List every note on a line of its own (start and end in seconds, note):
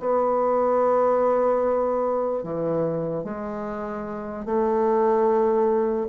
0.00 2.43 B3
2.43 3.24 E3
3.24 4.45 G#3
4.45 6.07 A3